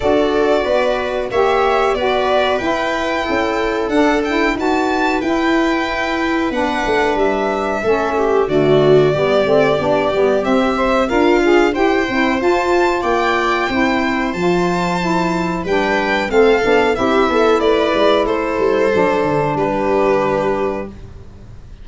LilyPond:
<<
  \new Staff \with { instrumentName = "violin" } { \time 4/4 \tempo 4 = 92 d''2 e''4 d''4 | g''2 fis''8 g''8 a''4 | g''2 fis''4 e''4~ | e''4 d''2. |
e''4 f''4 g''4 a''4 | g''2 a''2 | g''4 f''4 e''4 d''4 | c''2 b'2 | }
  \new Staff \with { instrumentName = "viola" } { \time 4/4 a'4 b'4 cis''4 b'4~ | b'4 a'2 b'4~ | b'1 | a'8 g'8 fis'4 g'2~ |
g'4 f'4 c''2 | d''4 c''2. | b'4 a'4 g'8 a'8 b'4 | a'2 g'2 | }
  \new Staff \with { instrumentName = "saxophone" } { \time 4/4 fis'2 g'4 fis'4 | e'2 d'8 e'8 fis'4 | e'2 d'2 | cis'4 a4 b8 c'8 d'8 b8 |
c'8 c''8 ais'8 gis'8 g'8 e'8 f'4~ | f'4 e'4 f'4 e'4 | d'4 c'8 d'8 e'2~ | e'4 d'2. | }
  \new Staff \with { instrumentName = "tuba" } { \time 4/4 d'4 b4 ais4 b4 | e'4 cis'4 d'4 dis'4 | e'2 b8 a8 g4 | a4 d4 g8 a8 b8 g8 |
c'4 d'4 e'8 c'8 f'4 | ais4 c'4 f2 | g4 a8 b8 c'8 b8 a8 gis8 | a8 g8 fis8 d8 g2 | }
>>